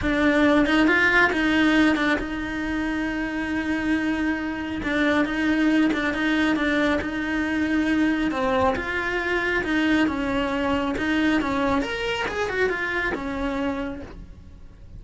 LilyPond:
\new Staff \with { instrumentName = "cello" } { \time 4/4 \tempo 4 = 137 d'4. dis'8 f'4 dis'4~ | dis'8 d'8 dis'2.~ | dis'2. d'4 | dis'4. d'8 dis'4 d'4 |
dis'2. c'4 | f'2 dis'4 cis'4~ | cis'4 dis'4 cis'4 ais'4 | gis'8 fis'8 f'4 cis'2 | }